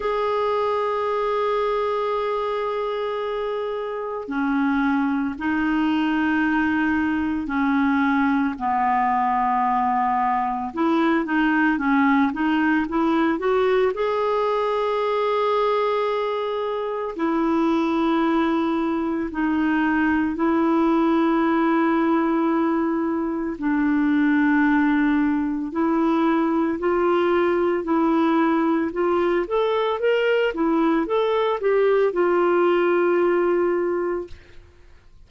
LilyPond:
\new Staff \with { instrumentName = "clarinet" } { \time 4/4 \tempo 4 = 56 gis'1 | cis'4 dis'2 cis'4 | b2 e'8 dis'8 cis'8 dis'8 | e'8 fis'8 gis'2. |
e'2 dis'4 e'4~ | e'2 d'2 | e'4 f'4 e'4 f'8 a'8 | ais'8 e'8 a'8 g'8 f'2 | }